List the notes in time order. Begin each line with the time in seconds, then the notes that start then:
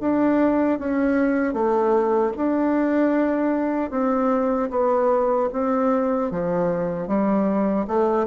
0.00 D4
0.79 C#4
1.53 A3
2.36 D4
3.90 C4
4.70 B3
5.52 C4
6.31 F3
7.07 G3
7.87 A3